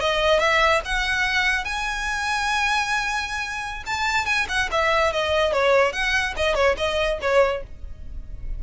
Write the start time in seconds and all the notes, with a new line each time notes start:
0.00 D#5
0.39 E5
0.85 F#5
1.64 G#5
3.86 A5
4.26 G#5
4.48 F#5
4.71 E5
5.12 D#5
5.53 C#5
5.92 F#5
6.36 D#5
6.55 C#5
6.77 D#5
7.21 C#5